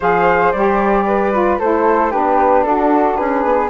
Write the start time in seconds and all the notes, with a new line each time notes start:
0.00 F3 G#4 C5 F5
0.51 G3 G4 D5
1.06 B4
1.32 F4
1.59 A3 E4 A4 C5
2.11 B3 D4 G4 B4
2.63 D4 F#4 A4
3.16 C#4 G#4 B4
3.44 B3